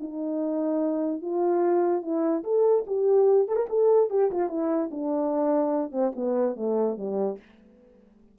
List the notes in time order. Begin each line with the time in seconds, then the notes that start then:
0.00 D#4
1.22 F4
2.02 E4
2.44 A4
2.87 G4
3.48 A4
3.56 A#4
3.69 A4
4.10 G4
4.32 F4
4.49 E4
4.91 D4
5.92 C4
6.16 B3
6.56 A3
6.97 G3